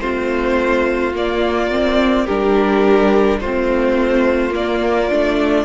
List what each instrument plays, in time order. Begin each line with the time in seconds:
0.00 cello A3, viola C4, violin F4 C5
1.13 cello A#3, viola A#3, violin D5
1.71 viola C4
2.25 cello G3, viola D4, violin G4 A#4
3.41 cello A3, viola C4, violin F4 C5
4.50 viola A#3, cello A#3, violin D5
5.10 cello A3, viola D4